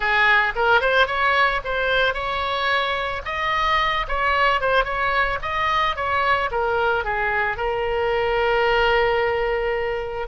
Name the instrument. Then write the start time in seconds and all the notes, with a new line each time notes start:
oboe
0.00 G#4
0.55 A#4
0.81 C5
1.06 C#5
1.64 C5
2.14 C#5
3.25 D#5
4.08 C#5
4.60 C5
4.84 C#5
5.42 D#5
5.96 C#5
6.51 A#4
7.04 G#4
7.57 A#4